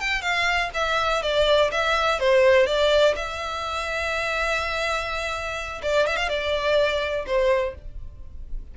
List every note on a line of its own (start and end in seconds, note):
0.00 0.21 G5
0.21 0.70 F5
0.74 1.23 E5
1.23 1.71 D5
1.71 2.20 E5
2.20 2.66 C5
2.66 3.15 D5
3.15 5.82 E5
5.82 6.07 D5
6.07 6.16 E5
6.16 6.28 F5
6.29 7.26 D5
7.26 7.75 C5